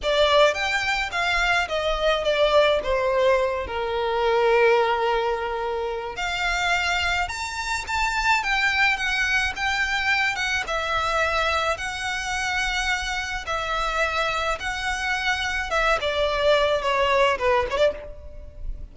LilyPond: \new Staff \with { instrumentName = "violin" } { \time 4/4 \tempo 4 = 107 d''4 g''4 f''4 dis''4 | d''4 c''4. ais'4.~ | ais'2. f''4~ | f''4 ais''4 a''4 g''4 |
fis''4 g''4. fis''8 e''4~ | e''4 fis''2. | e''2 fis''2 | e''8 d''4. cis''4 b'8 cis''16 d''16 | }